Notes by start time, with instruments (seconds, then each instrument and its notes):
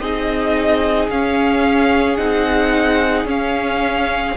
0.00 cello C4, viola D#4, violin G#4 D#5
1.09 cello C#4, viola C#4, violin F5
2.17 cello C4, viola D#4, violin F#5
3.25 cello C#4, viola C#4, violin F5